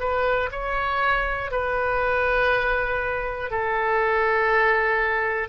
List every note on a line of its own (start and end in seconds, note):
0.00 0.50 B4
0.51 1.51 C#5
1.51 3.50 B4
3.50 5.49 A4